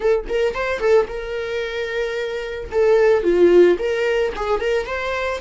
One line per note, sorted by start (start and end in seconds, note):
0.00 0.25 A4
0.28 0.54 A#4
0.54 0.79 C5
0.79 1.06 A4
1.08 2.70 A#4
2.71 3.23 A4
3.23 3.77 F4
3.78 4.32 A#4
4.36 4.60 G#4
4.60 4.86 A#4
4.86 5.40 C5